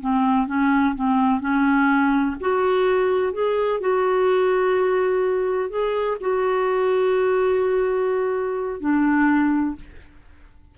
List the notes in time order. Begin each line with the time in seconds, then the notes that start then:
0.00 C4
0.47 C#4
0.95 C4
1.40 C#4
2.40 F#4
3.32 G#4
3.80 F#4
5.69 G#4
6.20 F#4
8.80 D4